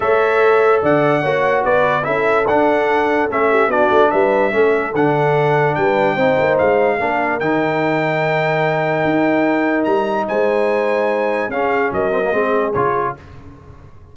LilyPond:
<<
  \new Staff \with { instrumentName = "trumpet" } { \time 4/4 \tempo 4 = 146 e''2 fis''2 | d''4 e''4 fis''2 | e''4 d''4 e''2 | fis''2 g''2 |
f''2 g''2~ | g''1 | ais''4 gis''2. | f''4 dis''2 cis''4 | }
  \new Staff \with { instrumentName = "horn" } { \time 4/4 cis''2 d''4 cis''4 | b'4 a'2.~ | a'8 g'8 fis'4 b'4 a'4~ | a'2 b'4 c''4~ |
c''4 ais'2.~ | ais'1~ | ais'4 c''2. | gis'4 ais'4 gis'2 | }
  \new Staff \with { instrumentName = "trombone" } { \time 4/4 a'2. fis'4~ | fis'4 e'4 d'2 | cis'4 d'2 cis'4 | d'2. dis'4~ |
dis'4 d'4 dis'2~ | dis'1~ | dis'1 | cis'4. c'16 ais16 c'4 f'4 | }
  \new Staff \with { instrumentName = "tuba" } { \time 4/4 a2 d4 ais4 | b4 cis'4 d'2 | a4 b8 a8 g4 a4 | d2 g4 c'8 ais8 |
gis4 ais4 dis2~ | dis2 dis'2 | g4 gis2. | cis'4 fis4 gis4 cis4 | }
>>